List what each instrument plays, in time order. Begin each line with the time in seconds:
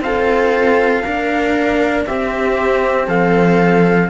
0.00 cello C4 F4, viola A4, trumpet F5
1.04 cello A#3 D4, viola A#4
2.06 cello C4, viola G4, trumpet E5
3.07 cello F3, viola A4, trumpet F5